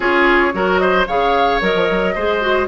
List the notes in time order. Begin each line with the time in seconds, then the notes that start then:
0.00 C#4 F4 G#4 C#5
0.53 F#3 F#4 A#4
0.78 C5 D#5
1.07 C#3 G#4 C#5 F5
1.60 F#3 A#4 D#5
1.74 F3
1.89 F#3
2.14 G#3 G#4 C5
2.41 F#4